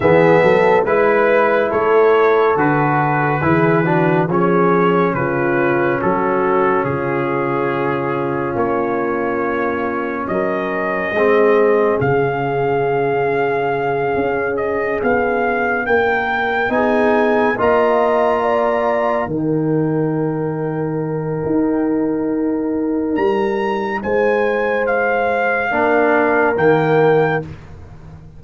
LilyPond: <<
  \new Staff \with { instrumentName = "trumpet" } { \time 4/4 \tempo 4 = 70 e''4 b'4 cis''4 b'4~ | b'4 cis''4 b'4 a'4 | gis'2 cis''2 | dis''2 f''2~ |
f''4 dis''8 f''4 g''4 gis''8~ | gis''8 ais''2 g''4.~ | g''2. ais''4 | gis''4 f''2 g''4 | }
  \new Staff \with { instrumentName = "horn" } { \time 4/4 gis'8 a'8 b'4 a'2 | gis'8 fis'8 gis'4 f'4 fis'4 | f'1 | ais'4 gis'2.~ |
gis'2~ gis'8 ais'4 gis'8~ | gis'8 dis''4 d''4 ais'4.~ | ais'1 | c''2 ais'2 | }
  \new Staff \with { instrumentName = "trombone" } { \time 4/4 b4 e'2 fis'4 | e'8 d'8 cis'2.~ | cis'1~ | cis'4 c'4 cis'2~ |
cis'2.~ cis'8 dis'8~ | dis'8 f'2 dis'4.~ | dis'1~ | dis'2 d'4 ais4 | }
  \new Staff \with { instrumentName = "tuba" } { \time 4/4 e8 fis8 gis4 a4 d4 | e4 f4 cis4 fis4 | cis2 ais2 | fis4 gis4 cis2~ |
cis8 cis'4 b4 ais4 b8~ | b8 ais2 dis4.~ | dis4 dis'2 g4 | gis2 ais4 dis4 | }
>>